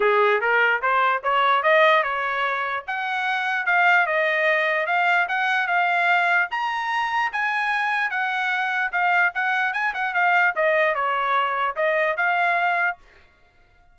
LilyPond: \new Staff \with { instrumentName = "trumpet" } { \time 4/4 \tempo 4 = 148 gis'4 ais'4 c''4 cis''4 | dis''4 cis''2 fis''4~ | fis''4 f''4 dis''2 | f''4 fis''4 f''2 |
ais''2 gis''2 | fis''2 f''4 fis''4 | gis''8 fis''8 f''4 dis''4 cis''4~ | cis''4 dis''4 f''2 | }